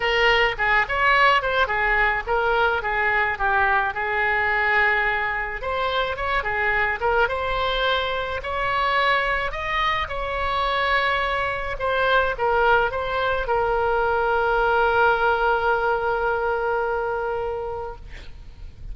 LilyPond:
\new Staff \with { instrumentName = "oboe" } { \time 4/4 \tempo 4 = 107 ais'4 gis'8 cis''4 c''8 gis'4 | ais'4 gis'4 g'4 gis'4~ | gis'2 c''4 cis''8 gis'8~ | gis'8 ais'8 c''2 cis''4~ |
cis''4 dis''4 cis''2~ | cis''4 c''4 ais'4 c''4 | ais'1~ | ais'1 | }